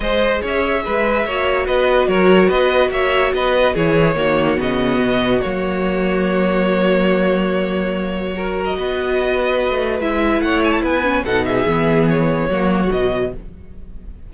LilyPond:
<<
  \new Staff \with { instrumentName = "violin" } { \time 4/4 \tempo 4 = 144 dis''4 e''2. | dis''4 cis''4 dis''4 e''4 | dis''4 cis''2 dis''4~ | dis''4 cis''2.~ |
cis''1~ | cis''8. dis''2.~ dis''16 | e''4 fis''8 gis''16 a''16 gis''4 fis''8 e''8~ | e''4 cis''2 dis''4 | }
  \new Staff \with { instrumentName = "violin" } { \time 4/4 c''4 cis''4 b'4 cis''4 | b'4 ais'4 b'4 cis''4 | b'4 gis'4 fis'2~ | fis'1~ |
fis'1 | ais'4 b'2.~ | b'4 cis''4 b'4 a'8 gis'8~ | gis'2 fis'2 | }
  \new Staff \with { instrumentName = "viola" } { \time 4/4 gis'2. fis'4~ | fis'1~ | fis'4 e'4 ais4 b4~ | b4 ais2.~ |
ais1 | fis'1 | e'2~ e'8 cis'8 dis'4 | b2 ais4 fis4 | }
  \new Staff \with { instrumentName = "cello" } { \time 4/4 gis4 cis'4 gis4 ais4 | b4 fis4 b4 ais4 | b4 e4 dis4 cis4 | b,4 fis2.~ |
fis1~ | fis4 b2~ b16 a8. | gis4 a4 b4 b,4 | e2 fis4 b,4 | }
>>